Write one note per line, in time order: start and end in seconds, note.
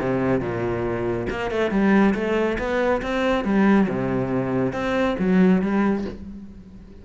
0.00 0.40 C3
0.40 1.27 A#2
1.30 1.51 A#3
1.51 1.71 A3
1.71 2.14 G3
2.14 2.58 A3
2.59 3.02 B3
3.02 3.44 C4
3.44 3.88 G3
3.89 4.73 C3
4.73 5.16 C4
5.19 5.62 F#3
5.62 6.05 G3